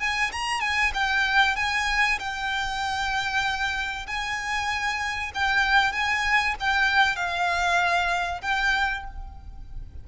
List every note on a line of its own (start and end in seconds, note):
0.00 0.31 G#5
0.32 0.61 A#5
0.61 0.92 G#5
0.94 1.56 G5
1.56 2.18 G#5
2.19 4.06 G5
4.07 5.32 G#5
5.34 5.92 G5
5.92 6.55 G#5
6.60 7.16 G5
7.16 8.41 F5
8.41 9.04 G5